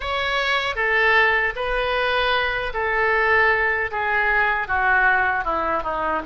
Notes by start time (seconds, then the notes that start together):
0.00 C#5
0.75 A4
1.55 B4
2.73 A4
3.91 G#4
4.68 F#4
5.44 E4
5.83 D#4